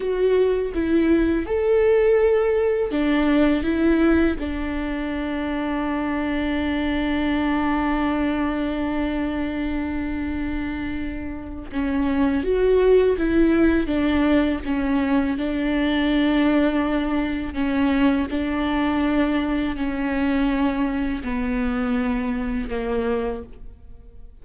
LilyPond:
\new Staff \with { instrumentName = "viola" } { \time 4/4 \tempo 4 = 82 fis'4 e'4 a'2 | d'4 e'4 d'2~ | d'1~ | d'1 |
cis'4 fis'4 e'4 d'4 | cis'4 d'2. | cis'4 d'2 cis'4~ | cis'4 b2 ais4 | }